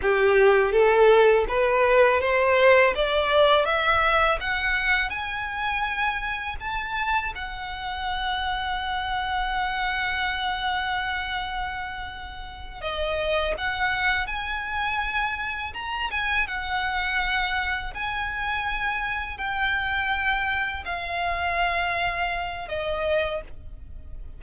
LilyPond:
\new Staff \with { instrumentName = "violin" } { \time 4/4 \tempo 4 = 82 g'4 a'4 b'4 c''4 | d''4 e''4 fis''4 gis''4~ | gis''4 a''4 fis''2~ | fis''1~ |
fis''4. dis''4 fis''4 gis''8~ | gis''4. ais''8 gis''8 fis''4.~ | fis''8 gis''2 g''4.~ | g''8 f''2~ f''8 dis''4 | }